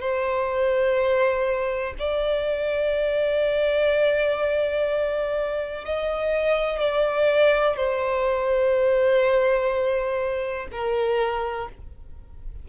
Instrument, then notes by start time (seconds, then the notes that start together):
violin
0.00 C5
1.98 D5
5.85 D#5
6.80 D5
7.76 C5
10.72 A#4